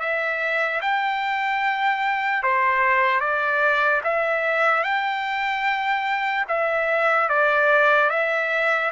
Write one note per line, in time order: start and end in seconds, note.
0.00 0.81 E5
0.81 2.43 G5
2.43 3.20 C5
3.20 4.01 D5
4.04 4.84 E5
4.84 6.46 G5
6.48 7.29 E5
7.29 8.10 D5
8.10 8.91 E5